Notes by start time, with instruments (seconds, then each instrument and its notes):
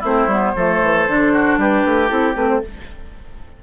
0.00 bassoon A3, clarinet C4, oboe E4, flute C5
0.27 bassoon G3, clarinet B3
0.56 bassoon F3, clarinet A3, oboe A4
0.82 bassoon E3
1.07 bassoon D3, clarinet D4
1.33 oboe F#4
1.57 bassoon G3, oboe G4, flute B4
1.85 bassoon A3
2.08 bassoon C4, clarinet E4, flute A4
2.35 bassoon A3, clarinet C4, flute B4
2.49 flute C5